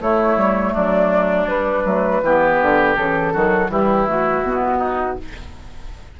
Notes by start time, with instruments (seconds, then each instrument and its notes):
0.00 bassoon A3, clarinet A3, oboe E4, flute C#5
0.36 bassoon G3
0.73 bassoon F#3, oboe D4, flute D5
1.47 bassoon G3, clarinet G3, flute B4
1.85 bassoon F#3, clarinet A3
2.22 bassoon E3, clarinet B3, oboe G4
2.61 bassoon D3
2.96 bassoon C#3, clarinet E3, flute A4
3.33 bassoon D#3, clarinet F#3, oboe F#4
3.68 bassoon E3, clarinet G3, oboe E4, flute G4
4.07 clarinet A3, flute F#4
4.42 bassoon B2, clarinet B3
4.78 oboe D#4